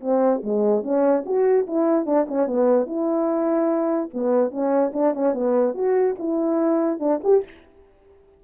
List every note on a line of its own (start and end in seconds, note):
0.00 0.41 C4
0.43 0.83 G#3
0.83 1.24 C#4
1.25 1.66 F#4
1.67 2.05 E4
2.05 2.26 D4
2.28 2.47 C#4
2.47 2.86 B3
2.86 4.09 E4
4.13 4.50 B3
4.50 4.91 C#4
4.93 5.13 D4
5.14 5.33 C#4
5.33 5.74 B3
5.74 6.15 F#4
6.18 6.99 E4
6.99 7.20 D4
7.23 7.44 G4